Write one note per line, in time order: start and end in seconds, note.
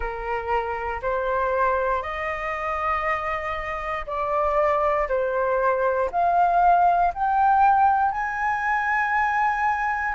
0.00 1.00 A#4
1.02 2.02 C5
2.02 4.05 D#5
4.06 5.08 D5
5.08 6.10 C5
6.11 7.13 F5
7.14 8.11 G5
8.11 10.14 G#5